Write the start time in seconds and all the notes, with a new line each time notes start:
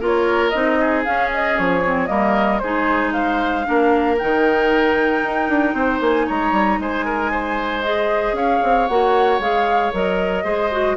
0.00 A#3 F4 A#4 C#5
0.49 C4 D#4 D#5
0.80 G#4
1.04 C#4 F5
1.34 D#5
1.58 F3 C#5
1.84 C4
2.06 G3 A#3 A#4 D#5
2.58 G#3 D#4 G#4 C5
3.12 C5 F5
3.64 A#3 D4 A#4
4.18 D#3 D#4 G5
5.23 D#4
5.49 D4
5.73 C4 C5
6.00 A#3 G#5
6.26 G#3 C#5 A#5
6.52 G3
6.79 G#3 C5 G#5
7.05 A#4
7.31 C5
7.82 G#4 D#5
8.32 C#4 C#5 F5
8.63 C4
8.87 A#3 F#4 F#5
9.39 G#3 G#4 F5
9.93 F#3 A#4 D#5
10.44 G#3 G#4 C5
10.71 F#4